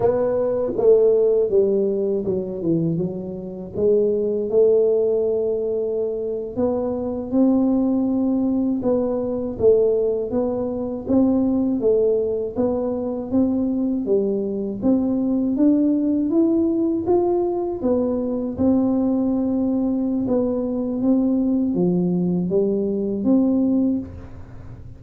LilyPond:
\new Staff \with { instrumentName = "tuba" } { \time 4/4 \tempo 4 = 80 b4 a4 g4 fis8 e8 | fis4 gis4 a2~ | a8. b4 c'2 b16~ | b8. a4 b4 c'4 a16~ |
a8. b4 c'4 g4 c'16~ | c'8. d'4 e'4 f'4 b16~ | b8. c'2~ c'16 b4 | c'4 f4 g4 c'4 | }